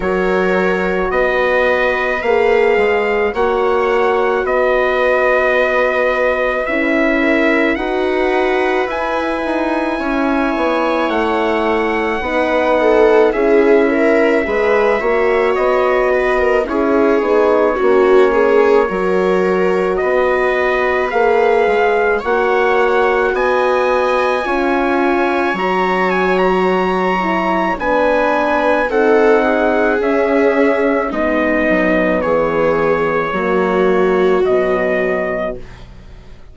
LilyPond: <<
  \new Staff \with { instrumentName = "trumpet" } { \time 4/4 \tempo 4 = 54 cis''4 dis''4 f''4 fis''4 | dis''2 e''4 fis''4 | gis''2 fis''2 | e''2 dis''4 cis''4~ |
cis''2 dis''4 f''4 | fis''4 gis''2 ais''8 gis''16 ais''16~ | ais''4 gis''4 fis''4 e''4 | dis''4 cis''2 dis''4 | }
  \new Staff \with { instrumentName = "viola" } { \time 4/4 ais'4 b'2 cis''4 | b'2~ b'8 ais'8 b'4~ | b'4 cis''2 b'8 a'8 | gis'8 ais'8 b'8 cis''4 b'16 ais'16 gis'4 |
fis'8 gis'8 ais'4 b'2 | cis''4 dis''4 cis''2~ | cis''4 b'4 a'8 gis'4. | dis'4 gis'4 fis'2 | }
  \new Staff \with { instrumentName = "horn" } { \time 4/4 fis'2 gis'4 fis'4~ | fis'2 e'4 fis'4 | e'2. dis'4 | e'4 gis'8 fis'4. e'8 dis'8 |
cis'4 fis'2 gis'4 | fis'2 f'4 fis'4~ | fis'8 e'8 d'4 dis'4 cis'4 | b2 ais4 fis4 | }
  \new Staff \with { instrumentName = "bassoon" } { \time 4/4 fis4 b4 ais8 gis8 ais4 | b2 cis'4 dis'4 | e'8 dis'8 cis'8 b8 a4 b4 | cis'4 gis8 ais8 b4 cis'8 b8 |
ais4 fis4 b4 ais8 gis8 | ais4 b4 cis'4 fis4~ | fis4 b4 c'4 cis'4 | gis8 fis8 e4 fis4 b,4 | }
>>